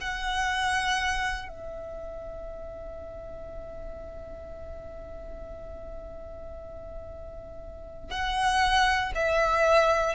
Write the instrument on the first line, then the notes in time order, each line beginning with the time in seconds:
violin
0.00 F#5
1.48 E5
8.10 F#5
9.15 E5